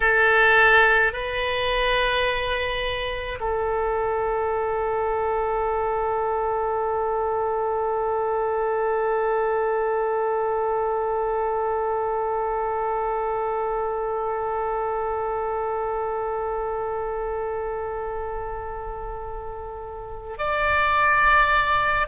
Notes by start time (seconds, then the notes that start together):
0.00 A4
1.13 B4
3.40 A4
20.38 D5